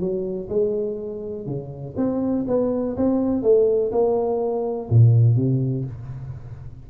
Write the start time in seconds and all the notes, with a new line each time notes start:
0.00 F#3
0.49 G#3
1.46 C#3
1.97 C4
2.48 B3
2.96 C4
3.43 A3
3.92 A#3
4.90 A#2
5.36 C3